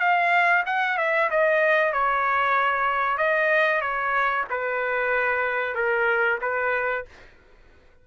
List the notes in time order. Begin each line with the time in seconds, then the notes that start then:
0.00 F5
0.66 F#5
0.98 E5
1.31 D#5
1.93 C#5
3.18 D#5
3.81 C#5
4.51 B4
5.75 A#4
6.42 B4